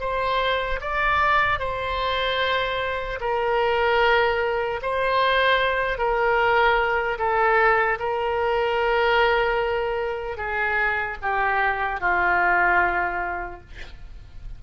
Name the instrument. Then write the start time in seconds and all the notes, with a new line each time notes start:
oboe
0.00 C5
0.81 D5
1.59 C5
3.20 A#4
4.82 C5
5.98 A#4
7.18 A4
7.99 A#4
10.37 G#4
11.22 G4
12.00 F4